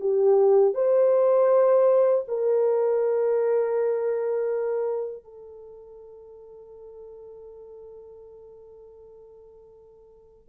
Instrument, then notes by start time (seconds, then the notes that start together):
horn
0.00 G4
0.74 C5
2.28 A#4
5.24 A4